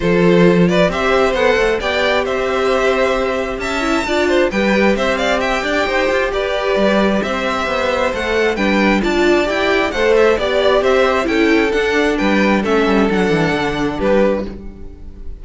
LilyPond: <<
  \new Staff \with { instrumentName = "violin" } { \time 4/4 \tempo 4 = 133 c''4. d''8 e''4 fis''4 | g''4 e''2. | a''2 g''4 e''8 f''8 | g''2 d''2 |
e''2 fis''4 g''4 | a''4 g''4 fis''8 e''8 d''4 | e''4 g''4 fis''4 g''4 | e''4 fis''2 b'4 | }
  \new Staff \with { instrumentName = "violin" } { \time 4/4 a'4. b'8 c''2 | d''4 c''2. | e''4 d''8 c''8 b'4 c''8 d''8 | e''8 d''8 c''4 b'2 |
c''2. b'4 | d''2 c''4 d''4 | c''4 a'2 b'4 | a'2. g'4 | }
  \new Staff \with { instrumentName = "viola" } { \time 4/4 f'2 g'4 a'4 | g'1~ | g'8 e'8 f'4 g'2~ | g'1~ |
g'2 a'4 d'4 | f'4 g'4 a'4 g'4~ | g'4 e'4 d'2 | cis'4 d'2. | }
  \new Staff \with { instrumentName = "cello" } { \time 4/4 f2 c'4 b8 a8 | b4 c'2. | cis'4 d'4 g4 c'4~ | c'8 d'8 dis'8 f'8 g'4 g4 |
c'4 b4 a4 g4 | d'4 e'4 a4 b4 | c'4 cis'4 d'4 g4 | a8 g8 fis8 e8 d4 g4 | }
>>